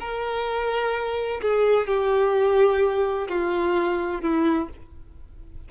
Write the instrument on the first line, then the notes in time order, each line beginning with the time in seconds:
violin
0.00 A#4
1.41 G#4
1.87 G4
3.28 F4
4.21 E4